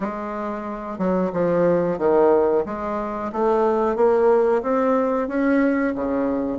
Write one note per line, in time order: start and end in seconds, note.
0.00 0.98 G#3
0.98 1.31 F#3
1.32 1.98 F3
1.98 2.64 D#3
2.65 3.31 G#3
3.32 3.96 A3
3.96 4.62 A#3
4.62 5.27 C4
5.27 5.93 C#4
5.95 6.58 C#3